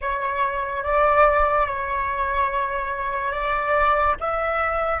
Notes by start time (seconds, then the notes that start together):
0.01 C#5
0.83 D5
1.67 C#5
3.32 D5
4.20 E5